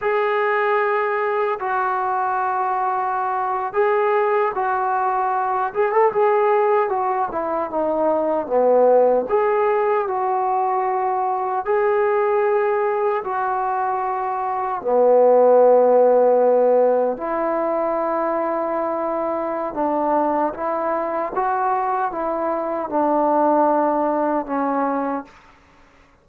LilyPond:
\new Staff \with { instrumentName = "trombone" } { \time 4/4 \tempo 4 = 76 gis'2 fis'2~ | fis'8. gis'4 fis'4. gis'16 a'16 gis'16~ | gis'8. fis'8 e'8 dis'4 b4 gis'16~ | gis'8. fis'2 gis'4~ gis'16~ |
gis'8. fis'2 b4~ b16~ | b4.~ b16 e'2~ e'16~ | e'4 d'4 e'4 fis'4 | e'4 d'2 cis'4 | }